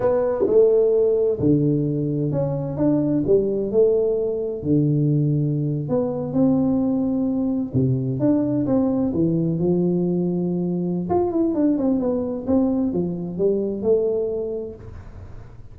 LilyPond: \new Staff \with { instrumentName = "tuba" } { \time 4/4 \tempo 4 = 130 b4 a2 d4~ | d4 cis'4 d'4 g4 | a2 d2~ | d8. b4 c'2~ c'16~ |
c'8. c4 d'4 c'4 e16~ | e8. f2.~ f16 | f'8 e'8 d'8 c'8 b4 c'4 | f4 g4 a2 | }